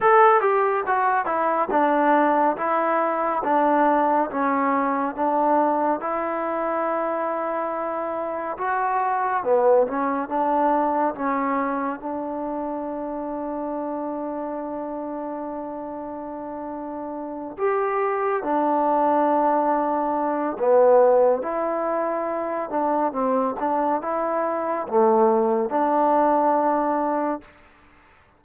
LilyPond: \new Staff \with { instrumentName = "trombone" } { \time 4/4 \tempo 4 = 70 a'8 g'8 fis'8 e'8 d'4 e'4 | d'4 cis'4 d'4 e'4~ | e'2 fis'4 b8 cis'8 | d'4 cis'4 d'2~ |
d'1~ | d'8 g'4 d'2~ d'8 | b4 e'4. d'8 c'8 d'8 | e'4 a4 d'2 | }